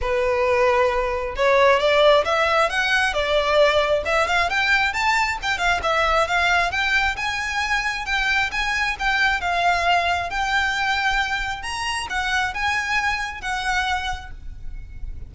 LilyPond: \new Staff \with { instrumentName = "violin" } { \time 4/4 \tempo 4 = 134 b'2. cis''4 | d''4 e''4 fis''4 d''4~ | d''4 e''8 f''8 g''4 a''4 | g''8 f''8 e''4 f''4 g''4 |
gis''2 g''4 gis''4 | g''4 f''2 g''4~ | g''2 ais''4 fis''4 | gis''2 fis''2 | }